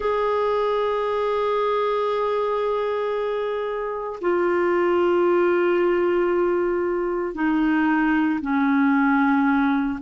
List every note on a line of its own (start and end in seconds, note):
0.00 4.19 G#4
4.21 7.34 F4
7.34 8.39 D#4
8.41 9.99 C#4